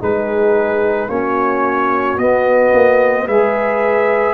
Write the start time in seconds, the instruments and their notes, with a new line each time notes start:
0.00 tuba G#3, trombone D#4, horn G#4, trumpet B4
1.08 tuba A#3, trombone C#4, horn F#4, trumpet C#5
2.17 tuba B3, trombone B3, trumpet D#5
2.74 tuba A#3
3.25 tuba G#3, trombone G#4, horn B4, trumpet E5